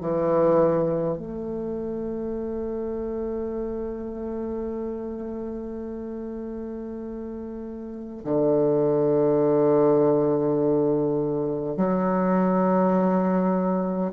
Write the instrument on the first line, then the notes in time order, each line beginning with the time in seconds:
bassoon
0.00 E3
1.18 A3
8.24 D3
11.76 F#3